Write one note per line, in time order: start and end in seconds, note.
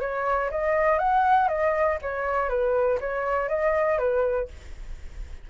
0.00 0.50 C#5
0.50 0.98 D#5
0.98 1.48 F#5
1.48 1.98 D#5
2.02 2.49 C#5
2.49 2.99 B4
3.00 3.48 C#5
3.48 3.98 D#5
3.98 4.48 B4